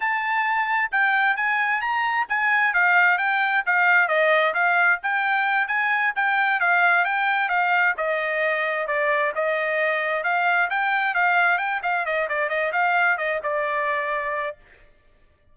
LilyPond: \new Staff \with { instrumentName = "trumpet" } { \time 4/4 \tempo 4 = 132 a''2 g''4 gis''4 | ais''4 gis''4 f''4 g''4 | f''4 dis''4 f''4 g''4~ | g''8 gis''4 g''4 f''4 g''8~ |
g''8 f''4 dis''2 d''8~ | d''8 dis''2 f''4 g''8~ | g''8 f''4 g''8 f''8 dis''8 d''8 dis''8 | f''4 dis''8 d''2~ d''8 | }